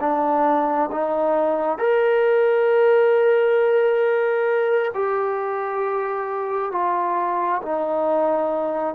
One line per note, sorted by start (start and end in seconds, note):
0.00 0.90 D4
0.91 1.78 D#4
1.78 4.91 A#4
4.94 6.72 G4
6.72 7.61 F4
7.62 8.95 D#4